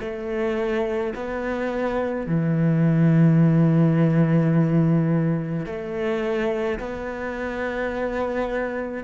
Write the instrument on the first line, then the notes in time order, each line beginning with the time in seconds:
cello
0.00 A3
1.15 B3
2.26 E3
5.66 A3
6.79 B3